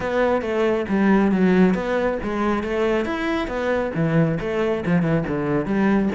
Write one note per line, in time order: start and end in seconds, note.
0.00 0.41 B3
0.41 0.85 A3
0.88 1.31 G3
1.31 1.74 F#3
1.74 2.18 B3
2.23 2.63 G#3
2.63 3.05 A3
3.05 3.47 E4
3.47 3.91 B3
3.94 4.38 E3
4.40 4.84 A3
4.86 5.02 F3
5.02 5.24 E3
5.27 5.65 D3
5.65 6.09 G3